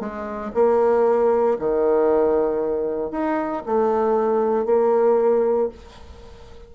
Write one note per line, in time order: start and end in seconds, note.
0.00 0.52 G#3
0.55 1.58 A#3
1.59 3.11 D#3
3.11 3.63 D#4
3.66 4.66 A3
4.66 5.69 A#3